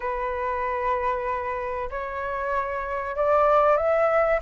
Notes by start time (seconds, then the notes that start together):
0.00 B4
1.90 C#5
3.16 D5
3.76 E5